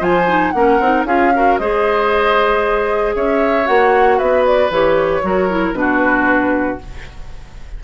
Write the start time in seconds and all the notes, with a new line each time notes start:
0.00 F3 F4 C5 G#5
0.28 D#4
0.51 A#3 C#4 A#4 F#5
0.80 C4 D#4
1.05 C#4 F4 G#4 F5
1.35 F#4 A#4
1.58 G#3 G#4 C5 D#5
3.16 C#4 C#5 E5
3.66 A#3 F#4 F#5
4.18 B3 B4 E5
4.46 D5
4.71 E3 G4 C#5
5.23 F#3 F#4 A#4
5.50 E4
5.73 B2 D4 B4
5.80 F#4